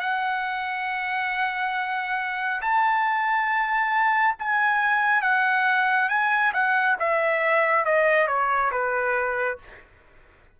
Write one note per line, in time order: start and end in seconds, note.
0.00 2.61 F#5
2.62 4.36 A5
4.39 5.22 G#5
5.22 6.09 F#5
6.09 6.53 G#5
6.53 6.97 F#5
7.00 7.85 E5
7.85 8.28 D#5
8.28 8.71 C#5
8.72 9.58 B4